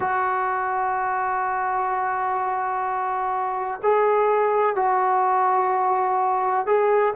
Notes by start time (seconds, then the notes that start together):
0.00 F#4
3.83 G#4
4.75 F#4
6.66 G#4